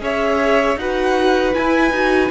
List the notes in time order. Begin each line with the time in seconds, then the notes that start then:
0.00 C#4 G#4 C#5 E5
0.76 D#4 F#4 B4 F#5
1.54 E4 G#5
1.91 D#4 F#4